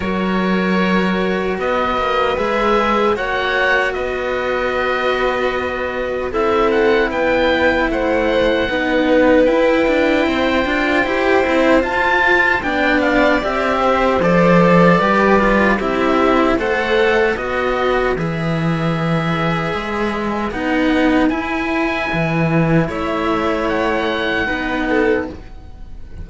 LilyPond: <<
  \new Staff \with { instrumentName = "oboe" } { \time 4/4 \tempo 4 = 76 cis''2 dis''4 e''4 | fis''4 dis''2. | e''8 fis''8 g''4 fis''2 | g''2. a''4 |
g''8 f''8 e''4 d''2 | e''4 fis''4 dis''4 e''4~ | e''2 fis''4 gis''4~ | gis''4 e''4 fis''2 | }
  \new Staff \with { instrumentName = "violin" } { \time 4/4 ais'2 b'2 | cis''4 b'2. | a'4 b'4 c''4 b'4~ | b'4 c''2. |
d''4. c''4. b'4 | g'4 c''4 b'2~ | b'1~ | b'4 cis''2 b'8 a'8 | }
  \new Staff \with { instrumentName = "cello" } { \time 4/4 fis'2. gis'4 | fis'1 | e'2. dis'4 | e'4. f'8 g'8 e'8 f'4 |
d'4 g'4 a'4 g'8 f'8 | e'4 a'4 fis'4 gis'4~ | gis'2 dis'4 e'4~ | e'2. dis'4 | }
  \new Staff \with { instrumentName = "cello" } { \time 4/4 fis2 b8 ais8 gis4 | ais4 b2. | c'4 b4 a4 b4 | e'8 d'8 c'8 d'8 e'8 c'8 f'4 |
b4 c'4 f4 g4 | c'4 a4 b4 e4~ | e4 gis4 b4 e'4 | e4 a2 b4 | }
>>